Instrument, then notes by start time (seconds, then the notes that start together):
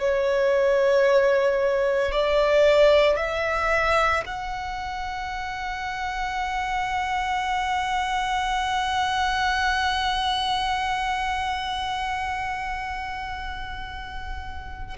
violin
0.00 C#5
2.12 D5
3.17 E5
4.26 F#5